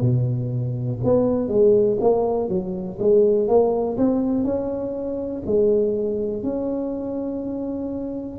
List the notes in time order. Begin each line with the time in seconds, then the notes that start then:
0.00 B2
1.04 B3
1.48 G#3
2.00 A#3
2.48 F#3
2.99 G#3
3.47 A#3
3.97 C4
4.44 C#4
5.45 G#3
6.43 C#4